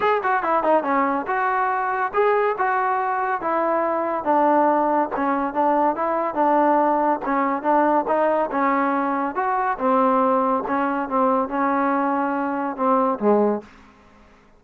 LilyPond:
\new Staff \with { instrumentName = "trombone" } { \time 4/4 \tempo 4 = 141 gis'8 fis'8 e'8 dis'8 cis'4 fis'4~ | fis'4 gis'4 fis'2 | e'2 d'2 | cis'4 d'4 e'4 d'4~ |
d'4 cis'4 d'4 dis'4 | cis'2 fis'4 c'4~ | c'4 cis'4 c'4 cis'4~ | cis'2 c'4 gis4 | }